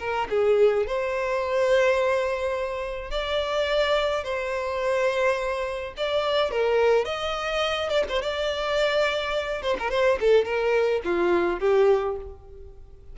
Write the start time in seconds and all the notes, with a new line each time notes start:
0.00 A#4
0.30 G#4
0.87 C5
3.11 D5
4.25 C5
5.98 D5
6.52 A#4
7.05 D#5
7.90 D5
8.10 C5
8.23 D5
9.63 C5
9.80 A#4
9.91 C5
10.21 A4
10.45 A#4
11.05 F4
11.60 G4